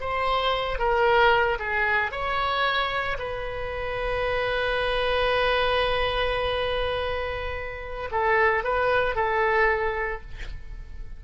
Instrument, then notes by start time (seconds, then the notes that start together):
oboe
0.00 C5
0.78 A#4
1.59 G#4
2.11 C#5
3.18 B4
8.11 A4
8.64 B4
9.15 A4